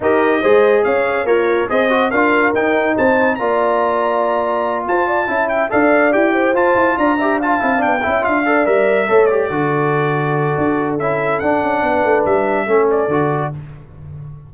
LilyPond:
<<
  \new Staff \with { instrumentName = "trumpet" } { \time 4/4 \tempo 4 = 142 dis''2 f''4 cis''4 | dis''4 f''4 g''4 a''4 | ais''2.~ ais''8 a''8~ | a''4 g''8 f''4 g''4 a''8~ |
a''8 ais''4 a''4 g''4 f''8~ | f''8 e''4. d''2~ | d''2 e''4 fis''4~ | fis''4 e''4. d''4. | }
  \new Staff \with { instrumentName = "horn" } { \time 4/4 ais'4 c''4 cis''4 f'4 | c''4 ais'2 c''4 | d''2.~ d''8 c''8 | d''8 e''4 d''4. c''4~ |
c''8 d''8 e''8 f''4. e''4 | d''4. cis''4 a'4.~ | a'1 | b'2 a'2 | }
  \new Staff \with { instrumentName = "trombone" } { \time 4/4 g'4 gis'2 ais'4 | gis'8 fis'8 f'4 dis'2 | f'1~ | f'8 e'4 a'4 g'4 f'8~ |
f'4 g'8 f'8 e'8 d'8 e'8 f'8 | a'8 ais'4 a'8 g'8 fis'4.~ | fis'2 e'4 d'4~ | d'2 cis'4 fis'4 | }
  \new Staff \with { instrumentName = "tuba" } { \time 4/4 dis'4 gis4 cis'4 ais4 | c'4 d'4 dis'4 c'4 | ais2.~ ais8 f'8~ | f'8 cis'4 d'4 e'4 f'8 |
e'8 d'4. c'8 b8 cis'8 d'8~ | d'8 g4 a4 d4.~ | d4 d'4 cis'4 d'8 cis'8 | b8 a8 g4 a4 d4 | }
>>